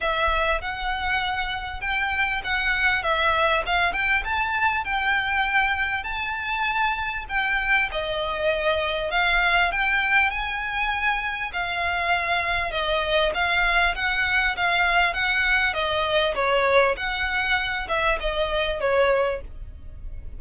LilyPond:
\new Staff \with { instrumentName = "violin" } { \time 4/4 \tempo 4 = 99 e''4 fis''2 g''4 | fis''4 e''4 f''8 g''8 a''4 | g''2 a''2 | g''4 dis''2 f''4 |
g''4 gis''2 f''4~ | f''4 dis''4 f''4 fis''4 | f''4 fis''4 dis''4 cis''4 | fis''4. e''8 dis''4 cis''4 | }